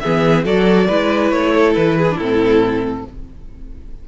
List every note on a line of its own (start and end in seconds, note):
0.00 0.45 E3
0.00 0.45 B3
0.00 0.45 G#4
0.00 0.43 E5
0.45 0.88 F#3
0.45 0.88 F#4
0.45 0.87 A4
0.45 1.30 D5
0.87 1.32 G#3
0.87 2.09 E4
0.87 1.52 B4
1.30 1.75 A3
1.30 1.74 C#5
1.54 1.97 A4
1.74 2.17 E3
1.74 2.17 B4
1.97 2.16 G#4
2.10 2.21 D4
2.10 3.03 E4
2.17 3.04 A2
2.17 3.08 C4
2.17 3.05 A4